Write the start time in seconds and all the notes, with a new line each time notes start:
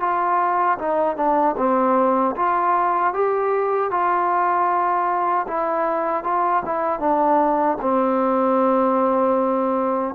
0.00 F4
0.78 D#4
1.17 D4
1.57 C4
2.36 F4
3.13 G4
3.91 F4
5.48 E4
6.24 F4
6.65 E4
7.00 D4
7.81 C4